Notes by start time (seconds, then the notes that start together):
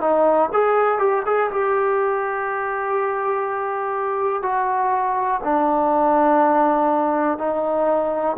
0.00 D#4
0.52 G#4
0.98 G4
1.25 G#4
1.51 G4
4.42 F#4
5.43 D4
7.38 D#4